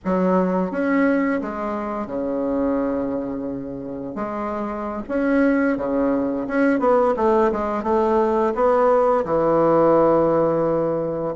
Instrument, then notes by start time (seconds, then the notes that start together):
bassoon
0.04 F#3
0.71 C#4
1.41 G#3
2.06 C#3
4.15 G#3
5.08 C#4
5.77 C#3
6.47 C#4
6.79 B3
7.16 A3
7.52 G#3
7.83 A3
8.54 B3
9.24 E3